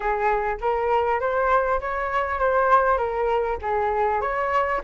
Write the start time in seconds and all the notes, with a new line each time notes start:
0.00 G#4
0.60 A#4
1.20 C5
1.80 C#5
2.39 C5
2.97 A#4
3.61 G#4
4.21 C#5